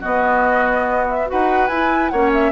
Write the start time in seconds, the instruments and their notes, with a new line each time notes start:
0.00 clarinet B3, bassoon B3, oboe F#4, flute D#5
1.08 flute E5
1.26 bassoon D#4, clarinet F#4, oboe B4, flute F#5
1.67 bassoon E4, clarinet E4, flute G#5
2.09 bassoon A#3, clarinet C#4, oboe C#5, flute F#5
2.33 flute E5